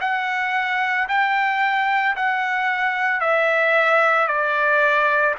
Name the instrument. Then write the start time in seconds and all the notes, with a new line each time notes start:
trumpet
0.00 F#5
1.08 G5
2.16 F#5
3.20 E5
4.28 D5